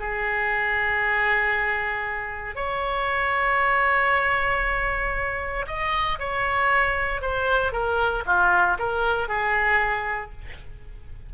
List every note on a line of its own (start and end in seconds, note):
0.00 2.56 G#4
2.56 5.66 C#5
5.68 6.19 D#5
6.19 7.22 C#5
7.22 7.73 C5
7.73 8.25 A#4
8.26 8.78 F4
8.79 9.28 A#4
9.28 10.32 G#4